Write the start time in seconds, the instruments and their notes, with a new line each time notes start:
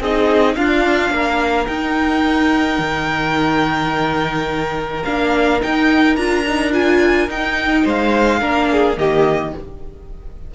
0.00 cello C4, viola D#4, violin G#4 D#5
0.55 cello D4, viola D4, violin F4 F5
1.11 cello A#3, violin A#4
1.67 cello D#4, viola D#4, violin G5
2.79 cello D#3
5.05 cello A#3, viola D4, violin F5
5.61 viola D#4, cello D#4, violin G5
6.16 cello D4, viola F4, violin A#5
6.47 viola D#4
6.72 viola F4, violin G#5
7.28 cello D#4, viola D#4, violin G5
7.84 cello G#3, violin C5 F5
8.40 cello A#3, viola D4, violin A#4
8.72 violin G#4
8.97 cello D#3, viola A#3, violin G4 D#5